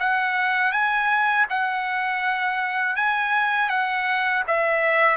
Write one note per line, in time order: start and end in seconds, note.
0.00 0.72 F#5
0.72 1.46 G#5
1.50 2.97 F#5
2.97 3.70 G#5
3.70 4.44 F#5
4.47 5.17 E5